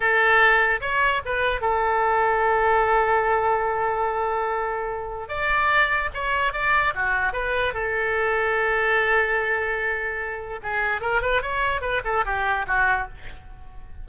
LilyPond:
\new Staff \with { instrumentName = "oboe" } { \time 4/4 \tempo 4 = 147 a'2 cis''4 b'4 | a'1~ | a'1~ | a'4 d''2 cis''4 |
d''4 fis'4 b'4 a'4~ | a'1~ | a'2 gis'4 ais'8 b'8 | cis''4 b'8 a'8 g'4 fis'4 | }